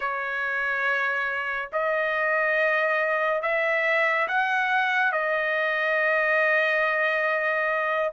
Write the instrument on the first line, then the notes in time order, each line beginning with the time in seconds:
trumpet
0.00 C#5
1.72 D#5
3.41 E5
4.28 F#5
5.12 D#5